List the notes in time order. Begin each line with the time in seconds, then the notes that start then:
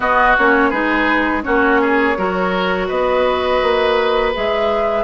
0.00 B3 F#4 D#5
0.37 A#3 C#4 C#5
0.69 G#3 D#4 G#4 B4
1.42 A#3 C#4 F#4 C#5
1.81 G#4
2.17 F#3 F#4 A#4
2.87 B3 B4 D#5
3.62 A#3
4.34 G#3 G#4 E5